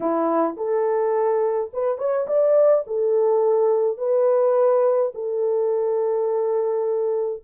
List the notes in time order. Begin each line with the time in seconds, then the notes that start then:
0.00 E4
0.57 A4
1.73 B4
1.98 C#5
2.27 D5
2.86 A4
3.97 B4
5.14 A4